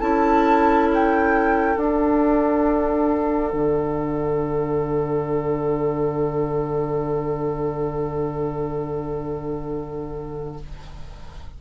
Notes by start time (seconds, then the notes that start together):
0.00 C#4 E4 A4 A5
0.94 G5
1.76 D4 F#5
3.53 D3